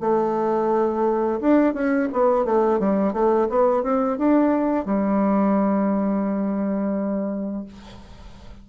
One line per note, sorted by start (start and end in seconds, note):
0.00 1.40 A3
1.40 1.73 D4
1.73 2.08 C#4
2.12 2.45 B3
2.45 2.79 A3
2.79 3.13 G3
3.13 3.48 A3
3.49 3.83 B3
3.83 4.17 C4
4.17 4.85 D4
4.85 7.64 G3